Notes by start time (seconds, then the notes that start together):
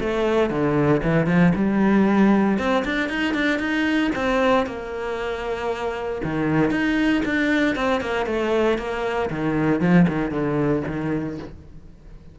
0.00 A3
0.50 D3
1.03 E3
1.26 F3
1.55 G3
2.58 C4
2.85 D4
3.09 D#4
3.34 D4
3.59 D#4
4.15 C4
4.66 A#3
6.24 D#3
6.71 D#4
7.25 D4
7.75 C4
8.01 A#3
8.26 A3
8.78 A#3
9.30 D#3
9.81 F3
10.08 D#3
10.31 D3
10.87 D#3